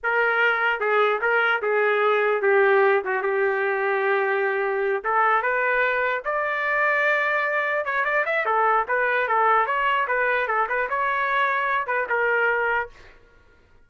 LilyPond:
\new Staff \with { instrumentName = "trumpet" } { \time 4/4 \tempo 4 = 149 ais'2 gis'4 ais'4 | gis'2 g'4. fis'8 | g'1~ | g'8 a'4 b'2 d''8~ |
d''2.~ d''8 cis''8 | d''8 e''8 a'4 b'4 a'4 | cis''4 b'4 a'8 b'8 cis''4~ | cis''4. b'8 ais'2 | }